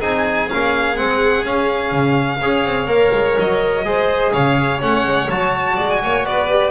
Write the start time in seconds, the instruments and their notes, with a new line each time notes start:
0.00 double bass C4, trombone D#4, violin G#4 G#5
0.49 double bass A#3, trombone C#4, violin F5
0.96 double bass G#3, trombone C4, violin F#5
1.44 trombone C#4, double bass C#4, violin F5
1.92 double bass C#3
2.41 double bass C#4, trombone G#4, violin C#5
2.65 double bass C4
2.86 double bass A#3, trombone A#4
3.13 double bass G#3
3.39 double bass F#3, violin D#5
3.84 double bass G#3, trombone G#4, violin C5
4.33 double bass C#3, violin C#5 F5
4.79 double bass A3, trombone C#4, violin F#5
5.04 double bass G#3
5.30 double bass F#3, trombone F#4, violin A5
5.76 double bass G#3, violin D5
5.90 violin G#5
6.03 double bass A#3, violin C#5
6.24 double bass B3, violin B4 D5
6.50 trombone G4